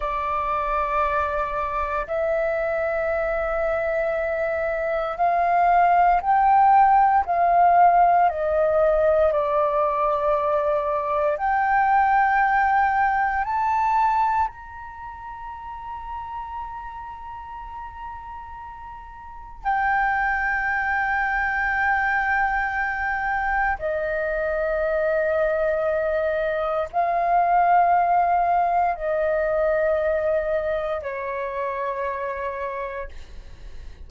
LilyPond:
\new Staff \with { instrumentName = "flute" } { \time 4/4 \tempo 4 = 58 d''2 e''2~ | e''4 f''4 g''4 f''4 | dis''4 d''2 g''4~ | g''4 a''4 ais''2~ |
ais''2. g''4~ | g''2. dis''4~ | dis''2 f''2 | dis''2 cis''2 | }